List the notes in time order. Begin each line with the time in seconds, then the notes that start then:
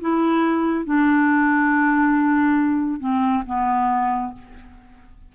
0.00 E4
0.85 D4
2.99 C4
3.46 B3